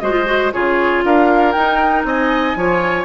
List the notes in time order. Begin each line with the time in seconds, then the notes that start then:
0.00 G#3 F#4 C5 D#5
0.12 F4
0.26 F#4
0.52 C#3 F4 G#4 C#5
1.05 D4 A#4 F5
1.52 D#4 G5
2.04 C4 D#5 G#5
2.56 F3 F4 C#5